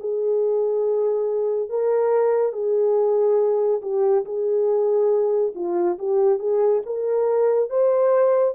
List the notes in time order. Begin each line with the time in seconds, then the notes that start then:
0.00 G#4
1.69 A#4
2.52 G#4
3.82 G4
4.25 G#4
5.55 F4
5.99 G4
6.39 G#4
6.86 A#4
7.70 C5